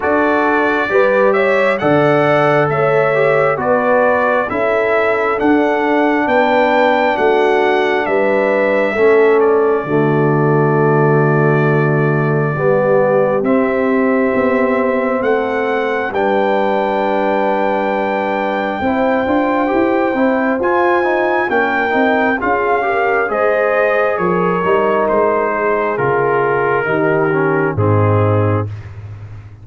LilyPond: <<
  \new Staff \with { instrumentName = "trumpet" } { \time 4/4 \tempo 4 = 67 d''4. e''8 fis''4 e''4 | d''4 e''4 fis''4 g''4 | fis''4 e''4. d''4.~ | d''2. e''4~ |
e''4 fis''4 g''2~ | g''2. gis''4 | g''4 f''4 dis''4 cis''4 | c''4 ais'2 gis'4 | }
  \new Staff \with { instrumentName = "horn" } { \time 4/4 a'4 b'8 cis''8 d''4 cis''4 | b'4 a'2 b'4 | fis'4 b'4 a'4 fis'4~ | fis'2 g'2~ |
g'4 a'4 b'2~ | b'4 c''2. | ais'4 gis'8 ais'8 c''4 ais'4~ | ais'8 gis'4. g'4 dis'4 | }
  \new Staff \with { instrumentName = "trombone" } { \time 4/4 fis'4 g'4 a'4. g'8 | fis'4 e'4 d'2~ | d'2 cis'4 a4~ | a2 b4 c'4~ |
c'2 d'2~ | d'4 e'8 f'8 g'8 e'8 f'8 dis'8 | cis'8 dis'8 f'8 g'8 gis'4. dis'8~ | dis'4 f'4 dis'8 cis'8 c'4 | }
  \new Staff \with { instrumentName = "tuba" } { \time 4/4 d'4 g4 d4 a4 | b4 cis'4 d'4 b4 | a4 g4 a4 d4~ | d2 g4 c'4 |
b4 a4 g2~ | g4 c'8 d'8 e'8 c'8 f'4 | ais8 c'8 cis'4 gis4 f8 g8 | gis4 cis4 dis4 gis,4 | }
>>